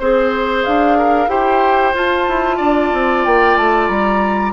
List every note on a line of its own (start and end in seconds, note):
0.00 0.65 C4
0.00 1.29 G#4
0.00 0.65 C5
0.00 0.98 C5
0.65 1.28 D4
0.65 1.29 F5
0.98 1.30 A#4
1.28 1.93 E4
1.28 1.94 G4
1.28 2.57 C5
1.28 1.95 G5
1.94 2.27 F4
1.94 4.54 F4
1.94 3.25 A5
2.28 2.60 E4
2.57 2.93 D4
2.57 4.53 D5
2.93 3.26 C4
3.25 3.57 A#3
3.25 3.57 G5
3.57 3.89 A3
3.57 3.88 A5
3.88 4.54 G3
3.88 4.54 A#5